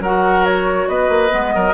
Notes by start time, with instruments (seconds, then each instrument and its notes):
0.00 bassoon F#3, clarinet F#4, oboe A#4, flute F#5
0.46 flute C#5
0.88 bassoon B3, oboe B4, flute D#5
1.09 bassoon A#3
1.29 bassoon G#3, clarinet B3
1.55 bassoon F#3, oboe A#4